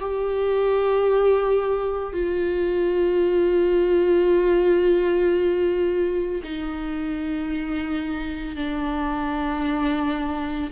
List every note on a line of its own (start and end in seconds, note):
0.00 2.13 G4
2.13 6.42 F4
6.44 8.56 D#4
8.56 10.70 D4